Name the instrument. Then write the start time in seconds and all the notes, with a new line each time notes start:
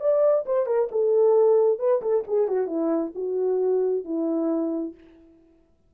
horn
0.00 D5
0.45 C5
0.66 A#4
0.91 A4
1.79 B4
2.01 A4
2.27 G#4
2.48 F#4
2.67 E4
3.15 F#4
4.04 E4